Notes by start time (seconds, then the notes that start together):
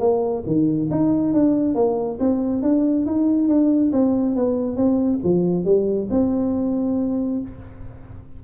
0.00 A#3
0.46 D#3
0.91 D#4
1.34 D4
1.75 A#3
2.20 C4
2.63 D4
3.06 D#4
3.48 D4
3.92 C4
4.36 B3
4.76 C4
5.24 F3
5.65 G3
6.11 C4